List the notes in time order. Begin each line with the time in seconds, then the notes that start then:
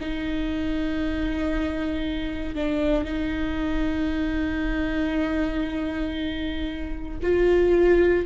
0.00 D#4
2.54 D4
3.04 D#4
7.22 F4